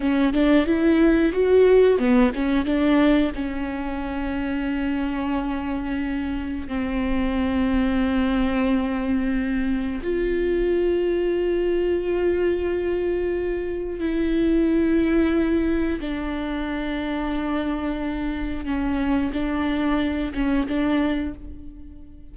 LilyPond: \new Staff \with { instrumentName = "viola" } { \time 4/4 \tempo 4 = 90 cis'8 d'8 e'4 fis'4 b8 cis'8 | d'4 cis'2.~ | cis'2 c'2~ | c'2. f'4~ |
f'1~ | f'4 e'2. | d'1 | cis'4 d'4. cis'8 d'4 | }